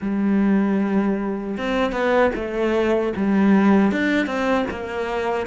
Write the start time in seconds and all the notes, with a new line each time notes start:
0.01 G3
1.57 C4
1.92 B3
2.35 A3
3.16 G3
3.91 D4
4.26 C4
4.70 A#3